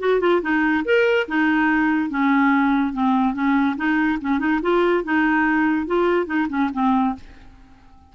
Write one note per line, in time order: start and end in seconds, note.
0.00 0.21 F#4
0.21 0.42 F4
0.42 0.84 D#4
0.85 1.27 A#4
1.28 2.10 D#4
2.10 2.93 C#4
2.93 3.34 C4
3.34 3.76 C#4
3.77 4.19 D#4
4.21 4.39 C#4
4.39 4.60 D#4
4.62 5.04 F4
5.04 5.87 D#4
5.87 6.27 F4
6.27 6.47 D#4
6.49 6.70 C#4
6.73 7.15 C4